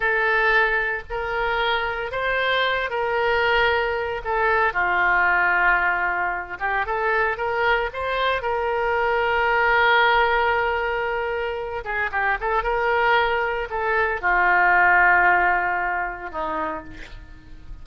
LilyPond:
\new Staff \with { instrumentName = "oboe" } { \time 4/4 \tempo 4 = 114 a'2 ais'2 | c''4. ais'2~ ais'8 | a'4 f'2.~ | f'8 g'8 a'4 ais'4 c''4 |
ais'1~ | ais'2~ ais'8 gis'8 g'8 a'8 | ais'2 a'4 f'4~ | f'2. dis'4 | }